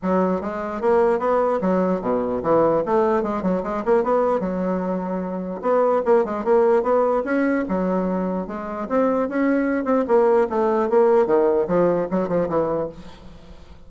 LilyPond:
\new Staff \with { instrumentName = "bassoon" } { \time 4/4 \tempo 4 = 149 fis4 gis4 ais4 b4 | fis4 b,4 e4 a4 | gis8 fis8 gis8 ais8 b4 fis4~ | fis2 b4 ais8 gis8 |
ais4 b4 cis'4 fis4~ | fis4 gis4 c'4 cis'4~ | cis'8 c'8 ais4 a4 ais4 | dis4 f4 fis8 f8 e4 | }